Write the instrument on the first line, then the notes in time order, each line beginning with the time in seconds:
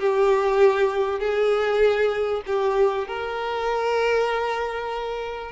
violin
0.00 G4
1.20 G#4
2.47 G4
3.08 A#4